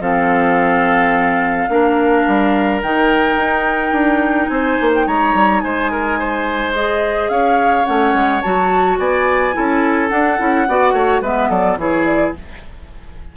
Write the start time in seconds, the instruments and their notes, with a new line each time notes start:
0.00 bassoon F3, clarinet C4, oboe A4, flute F5
1.69 bassoon A#3, clarinet D4, oboe A#4
2.28 bassoon G3
2.82 bassoon D#3, clarinet D#4, flute G5
3.36 bassoon D#4
3.92 bassoon D4
4.48 bassoon C4, oboe C5, flute G#5
4.81 bassoon A#3
4.95 flute G5
5.07 bassoon G#3, oboe C#5, flute A#5
5.34 bassoon G3
5.60 bassoon G#3, oboe C5, flute G#5
5.91 oboe A#4
6.19 oboe C5
6.74 clarinet G#4, flute D#5
7.29 bassoon C#4, oboe C#5, flute F5
7.85 bassoon A3, clarinet C#4, flute F#5
8.14 bassoon G#3
8.42 bassoon F#3, clarinet F#4, flute A5
8.99 bassoon B3, oboe D5, flute G#5
9.53 bassoon C#4, clarinet E4, oboe A4
10.09 clarinet D4, bassoon D4, flute F#5
10.38 bassoon C#4, clarinet E4
10.68 bassoon B3, clarinet F#4, oboe D5
10.93 bassoon A3, oboe C#5
11.21 bassoon G#3, clarinet B3, oboe B4, flute E5
11.50 bassoon F#3, oboe A4, flute D5
11.77 bassoon E3, clarinet E4, oboe G#4, flute C#5
12.06 flute D5